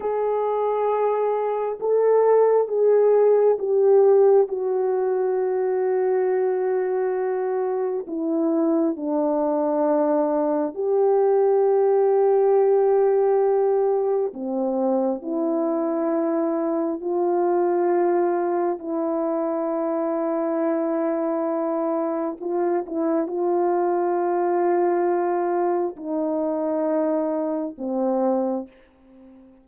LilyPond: \new Staff \with { instrumentName = "horn" } { \time 4/4 \tempo 4 = 67 gis'2 a'4 gis'4 | g'4 fis'2.~ | fis'4 e'4 d'2 | g'1 |
c'4 e'2 f'4~ | f'4 e'2.~ | e'4 f'8 e'8 f'2~ | f'4 dis'2 c'4 | }